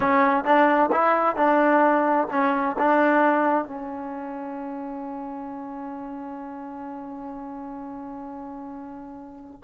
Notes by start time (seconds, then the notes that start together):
0.00 C#4
0.44 D4
0.92 E4
1.36 D4
2.30 C#4
2.78 D4
3.65 C#4